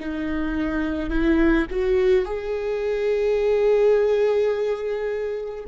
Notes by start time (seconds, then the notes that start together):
0.00 D#4
1.10 E4
1.70 F#4
2.25 G#4